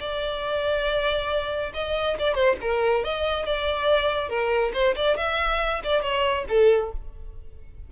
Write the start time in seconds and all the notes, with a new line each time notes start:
0.00 D5
1.74 D#5
2.19 D5
2.35 C5
2.61 A#4
3.04 D#5
3.46 D5
4.29 A#4
4.73 C5
4.96 D5
5.17 E5
5.84 D5
6.02 C#5
6.49 A4